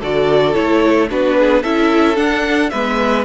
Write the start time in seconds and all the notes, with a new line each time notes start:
0.00 D3 F#4 A4 D5
0.54 A3 E4 C#5
1.09 B3 D4 F#4 B4
1.39 G#4
1.62 C#4 E4 A4 E5
2.15 D4 F#5
2.70 G#3 B3 B4 E5